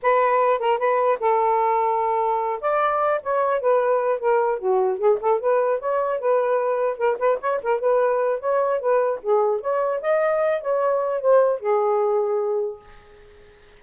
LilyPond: \new Staff \with { instrumentName = "saxophone" } { \time 4/4 \tempo 4 = 150 b'4. ais'8 b'4 a'4~ | a'2~ a'8 d''4. | cis''4 b'4. ais'4 fis'8~ | fis'8 gis'8 a'8 b'4 cis''4 b'8~ |
b'4. ais'8 b'8 cis''8 ais'8 b'8~ | b'4 cis''4 b'4 gis'4 | cis''4 dis''4. cis''4. | c''4 gis'2. | }